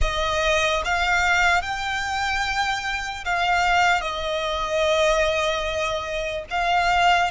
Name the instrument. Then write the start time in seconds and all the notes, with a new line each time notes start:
violin
0.01 D#5
0.84 F5
1.62 G5
3.24 F5
4.01 D#5
6.50 F5